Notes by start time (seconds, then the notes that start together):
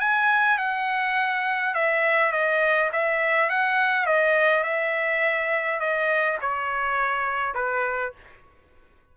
0.00 G#5
0.58 F#5
1.74 E5
2.32 D#5
2.93 E5
3.50 F#5
4.06 D#5
4.64 E5
5.80 D#5
6.41 C#5
7.54 B4